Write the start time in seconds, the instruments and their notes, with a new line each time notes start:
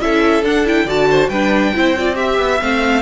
0.00 cello C#4, viola E4, violin A4 E5
0.42 cello D4, viola D4, violin F#5
0.65 viola E4, violin G5
0.85 cello D3, viola F#4, violin D5 A5
1.10 violin C5
1.29 cello G3, viola D4, violin B4 G5
1.74 cello C4, viola E4, violin C5
1.98 viola F4, violin D5
2.14 viola G4, violin E5
2.38 cello B3
2.61 cello A3, viola C4, violin F5